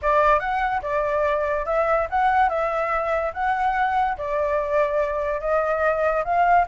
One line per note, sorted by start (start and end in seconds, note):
0.02 0.39 D5
0.39 0.81 F#5
0.82 1.65 D5
1.65 2.07 E5
2.09 2.49 F#5
2.49 3.32 E5
3.33 4.17 F#5
4.17 5.40 D5
5.40 6.23 D#5
6.24 6.66 F5